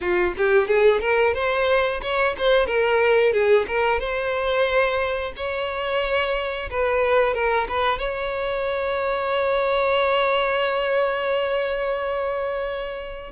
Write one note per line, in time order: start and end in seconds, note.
0.00 0.34 F4
0.37 0.67 G4
0.67 1.01 G#4
1.01 1.34 A#4
1.34 2.00 C5
2.02 2.35 C#5
2.38 2.66 C5
2.66 3.32 A#4
3.32 3.66 G#4
3.67 3.99 A#4
3.99 5.32 C5
5.36 6.69 C#5
6.70 7.34 B4
7.34 7.67 A#4
7.68 7.98 B4
7.98 13.32 C#5